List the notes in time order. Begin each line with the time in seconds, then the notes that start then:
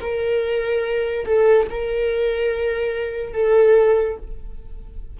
0.00 A#4
1.25 A4
1.69 A#4
3.33 A4